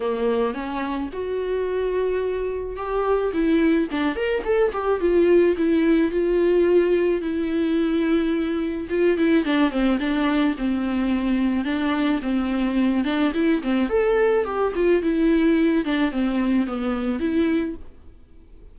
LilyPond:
\new Staff \with { instrumentName = "viola" } { \time 4/4 \tempo 4 = 108 ais4 cis'4 fis'2~ | fis'4 g'4 e'4 d'8 ais'8 | a'8 g'8 f'4 e'4 f'4~ | f'4 e'2. |
f'8 e'8 d'8 c'8 d'4 c'4~ | c'4 d'4 c'4. d'8 | e'8 c'8 a'4 g'8 f'8 e'4~ | e'8 d'8 c'4 b4 e'4 | }